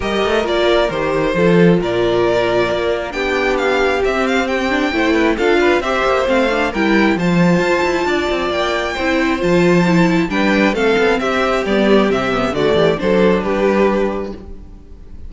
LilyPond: <<
  \new Staff \with { instrumentName = "violin" } { \time 4/4 \tempo 4 = 134 dis''4 d''4 c''2 | d''2. g''4 | f''4 e''8 f''8 g''2 | f''4 e''4 f''4 g''4 |
a''2. g''4~ | g''4 a''2 g''4 | f''4 e''4 d''4 e''4 | d''4 c''4 b'2 | }
  \new Staff \with { instrumentName = "violin" } { \time 4/4 ais'2. a'4 | ais'2. g'4~ | g'2. c''8 b'8 | a'8 b'8 c''2 ais'4 |
c''2 d''2 | c''2. b'4 | a'4 g'2. | fis'8 g'8 a'4 g'2 | }
  \new Staff \with { instrumentName = "viola" } { \time 4/4 g'4 f'4 g'4 f'4~ | f'2. d'4~ | d'4 c'4. d'8 e'4 | f'4 g'4 c'8 d'8 e'4 |
f'1 | e'4 f'4 e'4 d'4 | c'2 b4 c'8 b8 | a4 d'2. | }
  \new Staff \with { instrumentName = "cello" } { \time 4/4 g8 a8 ais4 dis4 f4 | ais,2 ais4 b4~ | b4 c'2 a4 | d'4 c'8 ais8 a4 g4 |
f4 f'8 e'8 d'8 c'8 ais4 | c'4 f2 g4 | a8 b8 c'4 g4 c4 | d8 e8 fis4 g2 | }
>>